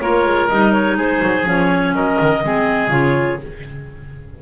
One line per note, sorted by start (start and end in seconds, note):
0.00 0.26 A#3
0.00 0.51 F4
0.00 0.97 A#4
0.00 0.48 C#5
0.26 0.50 G#3
0.49 0.97 G3
0.49 1.45 D#4
0.49 0.73 D#5
0.73 0.97 C#5
0.97 1.22 G#3
0.97 1.94 G#4
0.97 1.48 C5
1.23 1.46 F#3
1.45 1.93 F3
1.45 2.42 C#4
1.45 1.95 C#5
1.93 2.17 F#3
1.93 2.44 A#4
1.93 2.92 D#5
2.22 2.44 D#3
2.43 2.89 G#3
2.43 2.90 C4
2.43 3.43 G#4
2.89 3.37 C#3
2.89 3.39 F4
2.89 3.40 C#5